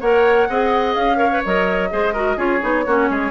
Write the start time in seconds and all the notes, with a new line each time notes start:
0.00 A#3 A#4 C#5 F#5
0.49 C4 G#4 D#5
0.94 C#4 F5
1.16 A#4 C#5
1.32 B4
1.45 F#3 A#4 D#5
1.90 G#3 G#4 C5
2.13 F#4 A#4
2.36 C#4 F4 G#4 C#5
2.61 B3 D#4
2.86 A#3 C#4 F#4
3.10 G#3 G#4